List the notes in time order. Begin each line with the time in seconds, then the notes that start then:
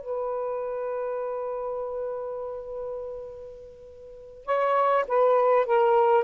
0.00 B4
4.45 C#5
5.08 B4
5.66 A#4